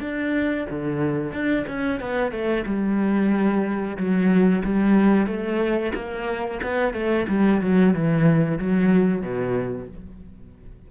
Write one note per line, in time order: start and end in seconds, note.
0.00 0.66 D4
0.70 1.32 D3
1.32 1.65 D4
1.67 2.00 C#4
2.00 2.31 B3
2.31 2.64 A3
2.66 3.97 G3
3.97 4.62 F#3
4.64 5.27 G3
5.27 5.93 A3
5.94 6.60 A#3
6.62 6.93 B3
6.93 7.26 A3
7.28 7.60 G3
7.60 7.93 F#3
7.93 8.58 E3
8.58 9.21 F#3
9.21 9.87 B2